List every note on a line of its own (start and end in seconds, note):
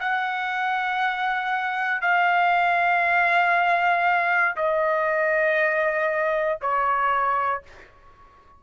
0.00 2.02 F#5
2.02 4.56 F5
4.56 6.60 D#5
6.61 7.63 C#5